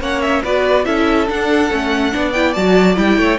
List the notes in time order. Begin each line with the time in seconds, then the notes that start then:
0.00 A#3 C#4 C#5 F#5
0.21 E5
0.43 B3 F#4 B4 D5
0.85 C#4 E4 A4 E5
1.27 D4 F#5
1.71 A3 C#4
2.12 B3 D4 D5
2.33 E4 G5
2.53 F#3 F#4 A5
2.95 G3 E4 G5
3.17 A3 C#5